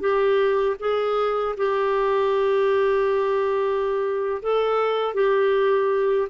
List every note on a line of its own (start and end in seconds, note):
0.00 0.76 G4
0.79 1.55 G#4
1.57 4.42 G4
4.42 5.14 A4
5.14 6.28 G4